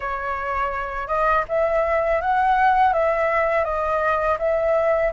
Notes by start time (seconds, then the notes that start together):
0.00 C#5
1.07 D#5
1.48 E5
2.21 F#5
2.93 E5
3.64 D#5
4.38 E5